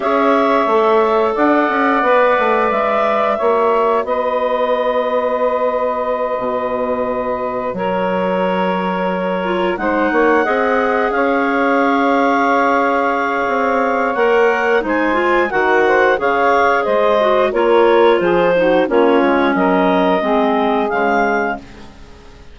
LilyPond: <<
  \new Staff \with { instrumentName = "clarinet" } { \time 4/4 \tempo 4 = 89 e''2 fis''2 | e''2 dis''2~ | dis''2.~ dis''8 cis''8~ | cis''2~ cis''8 fis''4.~ |
fis''8 f''2.~ f''8~ | f''4 fis''4 gis''4 fis''4 | f''4 dis''4 cis''4 c''4 | cis''4 dis''2 f''4 | }
  \new Staff \with { instrumentName = "saxophone" } { \time 4/4 cis''2 d''2~ | d''4 cis''4 b'2~ | b'2.~ b'8 ais'8~ | ais'2~ ais'8 c''8 cis''8 dis''8~ |
dis''8 cis''2.~ cis''8~ | cis''2 c''4 ais'8 c''8 | cis''4 c''4 ais'4 gis'8 fis'8 | f'4 ais'4 gis'2 | }
  \new Staff \with { instrumentName = "clarinet" } { \time 4/4 gis'4 a'2 b'4~ | b'4 fis'2.~ | fis'1~ | fis'2 f'8 dis'4 gis'8~ |
gis'1~ | gis'4 ais'4 dis'8 f'8 fis'4 | gis'4. fis'8 f'4. dis'8 | cis'2 c'4 gis4 | }
  \new Staff \with { instrumentName = "bassoon" } { \time 4/4 cis'4 a4 d'8 cis'8 b8 a8 | gis4 ais4 b2~ | b4. b,2 fis8~ | fis2~ fis8 gis8 ais8 c'8~ |
c'8 cis'2.~ cis'8 | c'4 ais4 gis4 dis4 | cis4 gis4 ais4 f4 | ais8 gis8 fis4 gis4 cis4 | }
>>